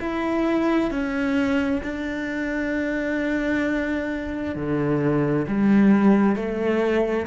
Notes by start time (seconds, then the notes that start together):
0.00 E4
0.90 C#4
1.83 D4
4.55 D3
5.48 G3
6.35 A3